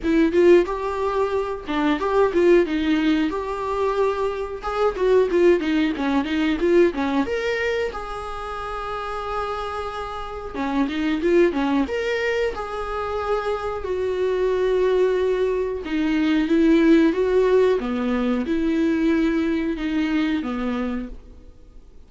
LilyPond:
\new Staff \with { instrumentName = "viola" } { \time 4/4 \tempo 4 = 91 e'8 f'8 g'4. d'8 g'8 f'8 | dis'4 g'2 gis'8 fis'8 | f'8 dis'8 cis'8 dis'8 f'8 cis'8 ais'4 | gis'1 |
cis'8 dis'8 f'8 cis'8 ais'4 gis'4~ | gis'4 fis'2. | dis'4 e'4 fis'4 b4 | e'2 dis'4 b4 | }